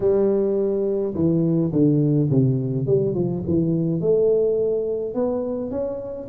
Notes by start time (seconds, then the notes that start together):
0.00 G3
1.14 E3
1.71 D3
2.30 C3
2.86 G3
3.14 F3
3.47 E3
4.00 A3
5.14 B3
5.70 C#4